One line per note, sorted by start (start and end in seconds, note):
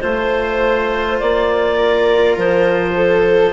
0.00 1.21 A3
0.00 3.53 F4
0.00 1.18 C5
0.00 1.76 C5
1.19 2.37 A#3
1.19 2.37 D5
1.76 2.93 A#4
2.37 3.53 F3
2.37 3.53 C5
2.95 3.53 A4